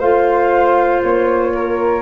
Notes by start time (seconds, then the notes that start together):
0.00 A3 F4 C5 F5
1.02 A#3 C#5
1.55 A#4